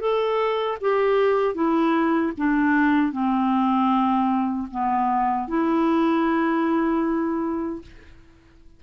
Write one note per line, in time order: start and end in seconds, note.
0.00 0.78 A4
0.81 1.54 G4
1.54 2.32 E4
2.38 3.12 D4
3.12 4.68 C4
4.71 5.48 B3
5.48 7.82 E4